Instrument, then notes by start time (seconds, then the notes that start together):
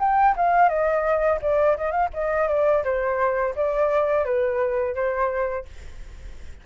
flute
0.00 G5
0.36 F5
0.69 D#5
1.42 D5
1.77 D#5
1.91 F5
2.14 D#5
2.48 D5
2.84 C5
3.56 D5
4.25 B4
4.95 C5